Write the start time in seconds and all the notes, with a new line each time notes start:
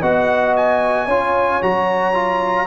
0.00 B3 F#4 D#5 F#5
0.57 G#5
1.06 C#4 F4 C#5
1.62 F#3 F#4 A#5
2.14 F4